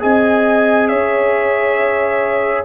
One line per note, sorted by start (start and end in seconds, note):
0.00 0.92 C4
0.00 2.65 G#4
0.00 0.90 D#5
0.00 0.88 G#5
0.88 2.66 C#4
0.88 2.66 C#5
0.88 2.65 E5